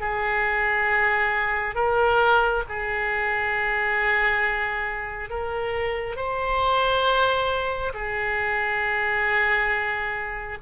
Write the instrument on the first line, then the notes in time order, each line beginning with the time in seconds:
oboe
0.00 G#4
1.75 A#4
2.68 G#4
5.29 A#4
6.16 C5
7.93 G#4